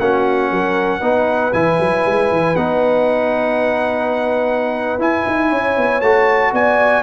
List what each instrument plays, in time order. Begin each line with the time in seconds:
0.00 tuba A#3, trombone C#4, horn F#4, trumpet F#5
0.51 tuba F#3, horn A#4
1.00 tuba B3, trombone D#4, horn B4
1.54 tuba E3, trombone E4, trumpet G#5
1.80 tuba F#3
2.06 tuba G#3
2.31 tuba E3
2.56 tuba B3, trombone D#4, trumpet F#5
4.99 tuba E4, trombone E4, trumpet G#5
5.27 tuba D#4
5.50 tuba C#4, horn C#5
5.78 tuba B3
6.02 tuba A3, trombone F#4, trumpet A5
6.53 tuba B3, horn D5, trumpet G#5